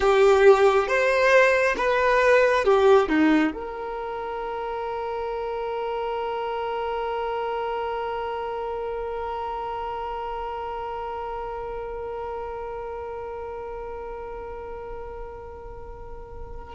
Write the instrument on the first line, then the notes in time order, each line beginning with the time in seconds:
violin
0.00 G4
0.87 C5
1.77 B4
2.65 G4
3.08 D#4
3.53 A#4